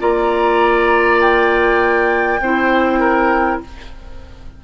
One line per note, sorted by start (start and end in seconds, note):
0.00 2.41 A#3
0.00 2.40 F4
0.00 2.41 D5
0.00 1.21 A#5
1.21 3.61 G5
2.41 3.60 C4
2.41 3.65 E4
2.41 3.00 C5
3.00 3.60 A#4